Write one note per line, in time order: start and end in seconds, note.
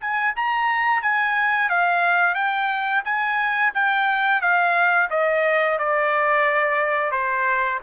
0.00 0.34 G#5
0.35 1.02 A#5
1.02 1.69 G#5
1.69 2.34 F5
2.34 3.02 G5
3.04 3.72 G#5
3.74 4.41 G5
4.41 5.09 F5
5.10 5.78 D#5
5.78 7.11 D5
7.11 7.79 C5